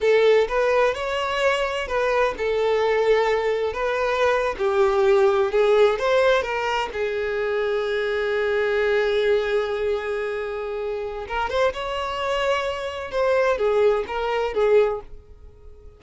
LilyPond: \new Staff \with { instrumentName = "violin" } { \time 4/4 \tempo 4 = 128 a'4 b'4 cis''2 | b'4 a'2. | b'4.~ b'16 g'2 gis'16~ | gis'8. c''4 ais'4 gis'4~ gis'16~ |
gis'1~ | gis'1 | ais'8 c''8 cis''2. | c''4 gis'4 ais'4 gis'4 | }